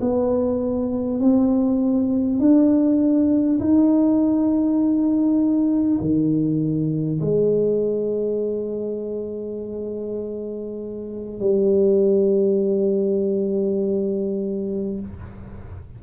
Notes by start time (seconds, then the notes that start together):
0.00 B3
1.20 C4
2.39 D4
3.59 D#4
6.00 D#3
7.21 G#3
11.39 G3